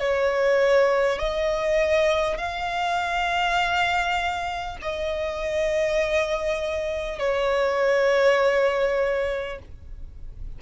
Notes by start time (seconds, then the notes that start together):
0.00 C#5
1.19 D#5
2.38 F5
4.82 D#5
7.19 C#5